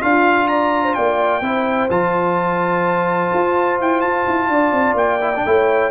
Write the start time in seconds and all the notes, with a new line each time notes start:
0.00 D4 F4 F5
0.47 D5 A#5
0.83 C5
0.94 A#3 D5 G5
1.41 C4 E4 C5
1.89 F3 F4 A5
3.34 F4
3.81 E4 G5
4.01 F4 A5
4.27 E4
4.48 D4 D5
4.72 C4
4.94 A#3 G5
5.21 E4
5.36 D4
5.45 A3 E4 C#5